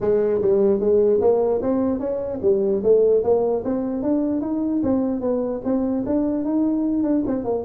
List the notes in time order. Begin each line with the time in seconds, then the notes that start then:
0.01 G#3
0.41 G3
0.80 G#3
1.20 A#3
1.61 C4
1.99 C#4
2.42 G3
2.83 A3
3.23 A#3
3.64 C4
4.02 D4
4.41 D#4
4.83 C4
5.21 B3
5.64 C4
6.06 D4
6.44 D#4
7.03 D4
7.26 C4
7.44 A#3